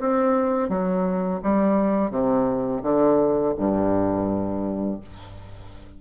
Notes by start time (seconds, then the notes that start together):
0.00 C4
0.69 F#3
1.43 G3
2.11 C3
2.83 D3
3.58 G2